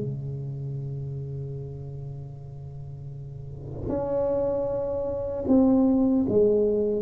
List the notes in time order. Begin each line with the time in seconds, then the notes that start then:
0.00 C#3
3.89 C#4
5.48 C4
6.29 G#3